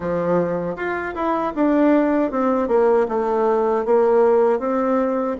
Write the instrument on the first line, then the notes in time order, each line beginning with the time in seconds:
bassoon
0.00 F3
0.76 F4
1.14 E4
1.55 D4
2.31 C4
2.68 A#3
3.08 A3
3.85 A#3
4.59 C4